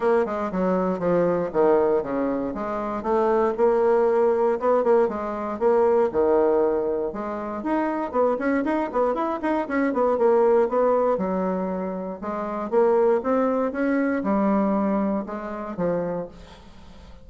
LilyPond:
\new Staff \with { instrumentName = "bassoon" } { \time 4/4 \tempo 4 = 118 ais8 gis8 fis4 f4 dis4 | cis4 gis4 a4 ais4~ | ais4 b8 ais8 gis4 ais4 | dis2 gis4 dis'4 |
b8 cis'8 dis'8 b8 e'8 dis'8 cis'8 b8 | ais4 b4 fis2 | gis4 ais4 c'4 cis'4 | g2 gis4 f4 | }